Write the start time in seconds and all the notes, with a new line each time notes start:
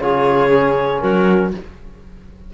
0.00 C#3 F4 G#4 C#5
0.50 C#4
1.00 F#3 F#4 A#4